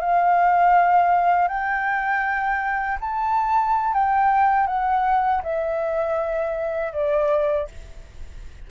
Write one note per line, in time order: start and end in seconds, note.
0.00 1.48 F5
1.48 2.98 G5
3.00 3.93 A5
3.93 4.67 G5
4.67 5.42 F#5
5.43 6.92 E5
6.92 7.67 D5